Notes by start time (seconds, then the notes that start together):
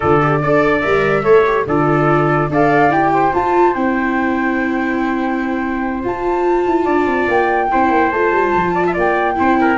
0.00 D3 F4 A4 D5
0.20 G4
0.42 D4 A4 D5
0.80 G3 A#4 E5
1.23 A3 A4 C#5
1.45 G4
1.66 D3 F4 A4 D5
2.49 D4 A4 D5 F5
2.89 E4 G4 G5
3.13 C5
3.32 F4 A5
3.74 C4 E4 G5
6.02 F4 A5
6.66 E4
6.84 D4 D5
7.07 C4
7.28 A#3 G5
7.71 C4 E4 C5
7.90 A#3
8.11 A3 F4 A5
8.31 G3
8.55 F3
8.74 D5
8.86 E5
8.93 A#3 D5 G5
9.35 C4 E4 C5
9.60 A#4